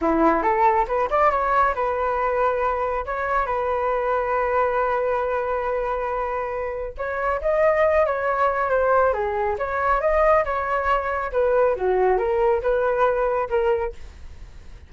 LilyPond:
\new Staff \with { instrumentName = "flute" } { \time 4/4 \tempo 4 = 138 e'4 a'4 b'8 d''8 cis''4 | b'2. cis''4 | b'1~ | b'1 |
cis''4 dis''4. cis''4. | c''4 gis'4 cis''4 dis''4 | cis''2 b'4 fis'4 | ais'4 b'2 ais'4 | }